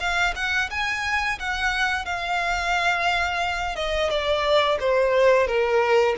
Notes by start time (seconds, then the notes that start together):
0.00 F5
0.36 F#5
0.70 G#5
1.39 F#5
2.05 F5
3.76 D#5
4.10 D5
4.80 C5
5.47 A#4